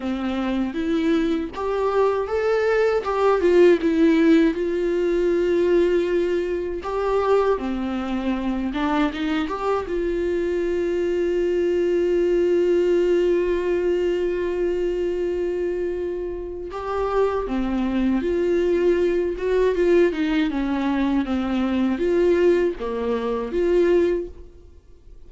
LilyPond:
\new Staff \with { instrumentName = "viola" } { \time 4/4 \tempo 4 = 79 c'4 e'4 g'4 a'4 | g'8 f'8 e'4 f'2~ | f'4 g'4 c'4. d'8 | dis'8 g'8 f'2.~ |
f'1~ | f'2 g'4 c'4 | f'4. fis'8 f'8 dis'8 cis'4 | c'4 f'4 ais4 f'4 | }